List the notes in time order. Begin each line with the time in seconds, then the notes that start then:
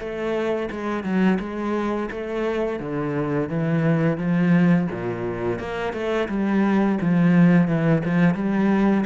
0.00 A3
0.71 G#3
1.04 F#3
1.40 G#3
2.11 A3
2.80 D3
3.49 E3
4.18 F3
4.92 A#2
5.59 A#3
5.94 A3
6.29 G3
7.02 F3
7.68 E3
8.05 F3
8.35 G3